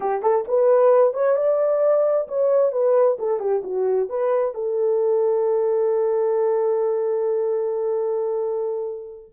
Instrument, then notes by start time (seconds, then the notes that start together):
horn
0.00 G4
0.22 A4
0.48 B4
1.13 C#5
1.36 D5
2.28 C#5
2.72 B4
3.18 A4
3.39 G4
3.63 F#4
4.09 B4
4.54 A4